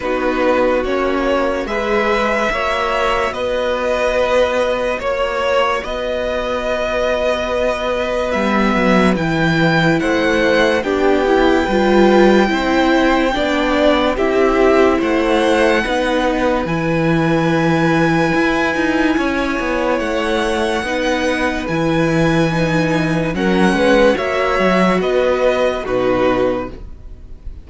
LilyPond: <<
  \new Staff \with { instrumentName = "violin" } { \time 4/4 \tempo 4 = 72 b'4 cis''4 e''2 | dis''2 cis''4 dis''4~ | dis''2 e''4 g''4 | fis''4 g''2.~ |
g''4 e''4 fis''2 | gis''1 | fis''2 gis''2 | fis''4 e''4 dis''4 b'4 | }
  \new Staff \with { instrumentName = "violin" } { \time 4/4 fis'2 b'4 cis''4 | b'2 cis''4 b'4~ | b'1 | c''4 g'4 b'4 c''4 |
d''4 g'4 c''4 b'4~ | b'2. cis''4~ | cis''4 b'2. | ais'8 b'8 cis''4 b'4 fis'4 | }
  \new Staff \with { instrumentName = "viola" } { \time 4/4 dis'4 cis'4 gis'4 fis'4~ | fis'1~ | fis'2 b4 e'4~ | e'4 d'8 e'8 f'4 e'4 |
d'4 e'2 dis'4 | e'1~ | e'4 dis'4 e'4 dis'4 | cis'4 fis'2 dis'4 | }
  \new Staff \with { instrumentName = "cello" } { \time 4/4 b4 ais4 gis4 ais4 | b2 ais4 b4~ | b2 g8 fis8 e4 | a4 b4 g4 c'4 |
b4 c'4 a4 b4 | e2 e'8 dis'8 cis'8 b8 | a4 b4 e2 | fis8 gis8 ais8 fis8 b4 b,4 | }
>>